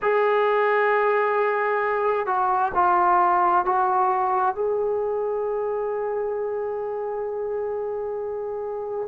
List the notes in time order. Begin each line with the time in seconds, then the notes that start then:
0.02 G#4
2.26 F#4
2.74 F4
3.65 F#4
4.55 G#4